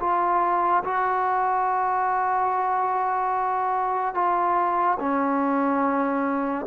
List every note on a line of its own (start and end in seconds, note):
0.00 0.83 F4
0.84 4.15 F#4
4.15 4.98 F4
5.00 6.66 C#4